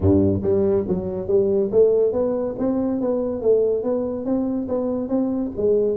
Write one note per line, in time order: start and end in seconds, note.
0.00 0.42 G2
0.42 0.85 G3
0.87 1.27 F#3
1.27 1.70 G3
1.71 2.12 A3
2.12 2.55 B3
2.58 3.00 C4
3.00 3.41 B3
3.41 3.83 A3
3.83 4.25 B3
4.25 4.67 C4
4.68 5.08 B3
5.08 5.51 C4
5.56 5.97 G#3